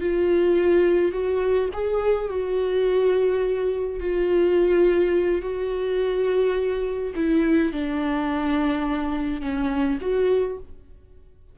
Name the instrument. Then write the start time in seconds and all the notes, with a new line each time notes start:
viola
0.00 F4
1.12 F#4
1.73 G#4
2.29 F#4
4.00 F4
5.41 F#4
7.15 E4
7.72 D4
9.41 C#4
10.01 F#4